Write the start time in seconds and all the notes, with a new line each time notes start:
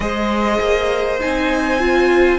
0.00 G#3 G#4 C5 D#5
0.60 A#3
1.19 C4 D#4 G#5
1.79 F4